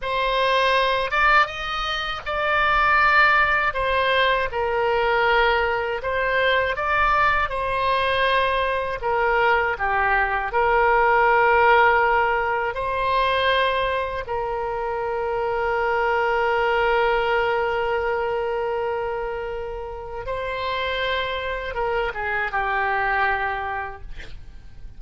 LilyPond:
\new Staff \with { instrumentName = "oboe" } { \time 4/4 \tempo 4 = 80 c''4. d''8 dis''4 d''4~ | d''4 c''4 ais'2 | c''4 d''4 c''2 | ais'4 g'4 ais'2~ |
ais'4 c''2 ais'4~ | ais'1~ | ais'2. c''4~ | c''4 ais'8 gis'8 g'2 | }